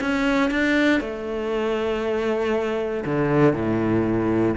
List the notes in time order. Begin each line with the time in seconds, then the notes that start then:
0.00 C#4
0.50 D4
1.00 A3
3.05 D3
3.53 A2